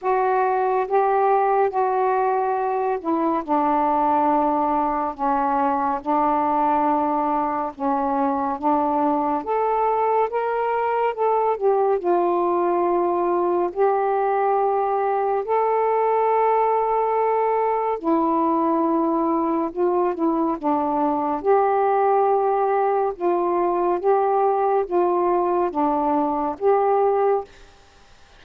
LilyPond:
\new Staff \with { instrumentName = "saxophone" } { \time 4/4 \tempo 4 = 70 fis'4 g'4 fis'4. e'8 | d'2 cis'4 d'4~ | d'4 cis'4 d'4 a'4 | ais'4 a'8 g'8 f'2 |
g'2 a'2~ | a'4 e'2 f'8 e'8 | d'4 g'2 f'4 | g'4 f'4 d'4 g'4 | }